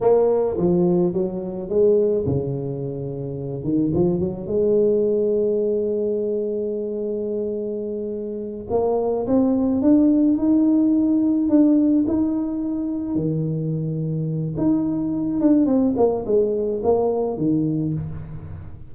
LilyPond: \new Staff \with { instrumentName = "tuba" } { \time 4/4 \tempo 4 = 107 ais4 f4 fis4 gis4 | cis2~ cis8 dis8 f8 fis8 | gis1~ | gis2.~ gis8 ais8~ |
ais8 c'4 d'4 dis'4.~ | dis'8 d'4 dis'2 dis8~ | dis2 dis'4. d'8 | c'8 ais8 gis4 ais4 dis4 | }